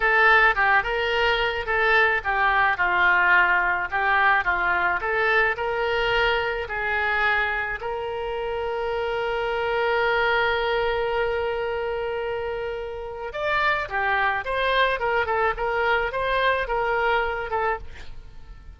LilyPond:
\new Staff \with { instrumentName = "oboe" } { \time 4/4 \tempo 4 = 108 a'4 g'8 ais'4. a'4 | g'4 f'2 g'4 | f'4 a'4 ais'2 | gis'2 ais'2~ |
ais'1~ | ais'1 | d''4 g'4 c''4 ais'8 a'8 | ais'4 c''4 ais'4. a'8 | }